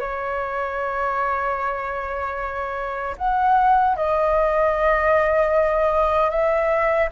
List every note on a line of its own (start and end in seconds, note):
0.00 3.16 C#5
3.18 3.96 F#5
3.96 6.30 D#5
6.30 7.09 E5